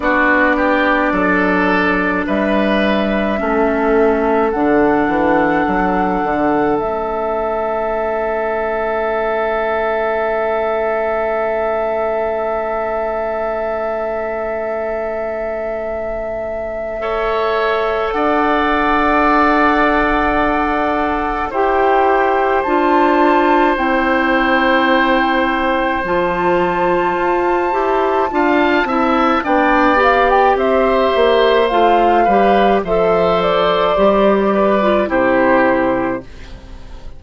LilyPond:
<<
  \new Staff \with { instrumentName = "flute" } { \time 4/4 \tempo 4 = 53 d''2 e''2 | fis''2 e''2~ | e''1~ | e''1 |
fis''2. g''4 | a''4 g''2 a''4~ | a''2 g''8 f''16 g''16 e''4 | f''4 e''8 d''4. c''4 | }
  \new Staff \with { instrumentName = "oboe" } { \time 4/4 fis'8 g'8 a'4 b'4 a'4~ | a'1~ | a'1~ | a'2. cis''4 |
d''2. c''4~ | c''1~ | c''4 f''8 e''8 d''4 c''4~ | c''8 b'8 c''4. b'8 g'4 | }
  \new Staff \with { instrumentName = "clarinet" } { \time 4/4 d'2. cis'4 | d'2 cis'2~ | cis'1~ | cis'2. a'4~ |
a'2. g'4 | f'4 e'2 f'4~ | f'8 g'8 f'8 e'8 d'8 g'4. | f'8 g'8 a'4 g'8. f'16 e'4 | }
  \new Staff \with { instrumentName = "bassoon" } { \time 4/4 b4 fis4 g4 a4 | d8 e8 fis8 d8 a2~ | a1~ | a1 |
d'2. e'4 | d'4 c'2 f4 | f'8 e'8 d'8 c'8 b4 c'8 ais8 | a8 g8 f4 g4 c4 | }
>>